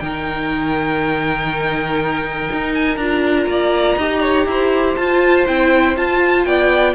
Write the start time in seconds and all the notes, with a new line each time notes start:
0.00 D#3 D#4 A#4 G5
2.52 D#4
2.74 G#5
2.97 D4 F4 A#5
3.46 A#3 D5
3.97 D#4 G4 D#5
4.22 C#5
4.46 E4 C5
4.95 F4 A5
5.47 C4 E4 G5
5.96 F4 A5
6.45 B3 D5 G5